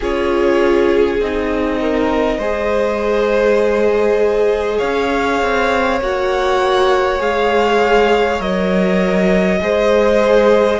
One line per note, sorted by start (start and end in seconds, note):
0.00 1.20 C#4
0.00 1.21 F4
0.00 1.79 G#4
0.00 1.20 C#5
1.20 2.38 C4
1.20 2.41 D#4
1.20 4.78 D#5
1.80 2.38 A#4
2.38 4.78 G#3
2.38 6.00 G#4
2.38 4.78 C5
4.78 5.42 C#4
4.78 9.58 C#5
4.78 5.98 F5
5.42 6.00 C4
6.00 7.20 A#3
6.00 7.18 F#4
6.00 7.21 F#5
7.18 8.39 G#3
7.18 8.38 G#4
7.18 8.40 F5
8.40 9.60 F#3
8.40 9.60 A#4
8.40 10.79 D#5
9.61 10.79 G#3
9.61 10.79 G#4
9.61 10.79 C5